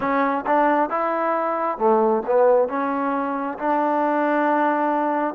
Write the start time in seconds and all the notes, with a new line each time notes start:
0.00 C#4
0.46 D4
0.90 E4
1.77 A3
2.26 B3
2.68 C#4
3.58 D4